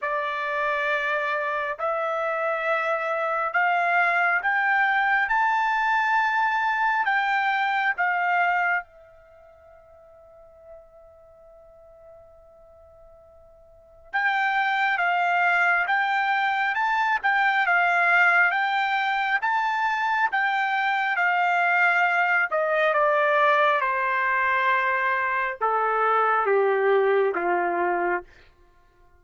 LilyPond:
\new Staff \with { instrumentName = "trumpet" } { \time 4/4 \tempo 4 = 68 d''2 e''2 | f''4 g''4 a''2 | g''4 f''4 e''2~ | e''1 |
g''4 f''4 g''4 a''8 g''8 | f''4 g''4 a''4 g''4 | f''4. dis''8 d''4 c''4~ | c''4 a'4 g'4 f'4 | }